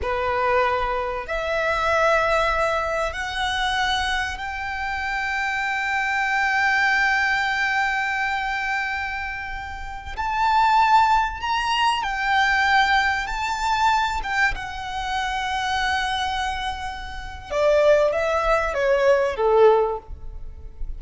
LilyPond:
\new Staff \with { instrumentName = "violin" } { \time 4/4 \tempo 4 = 96 b'2 e''2~ | e''4 fis''2 g''4~ | g''1~ | g''1~ |
g''16 a''2 ais''4 g''8.~ | g''4~ g''16 a''4. g''8 fis''8.~ | fis''1 | d''4 e''4 cis''4 a'4 | }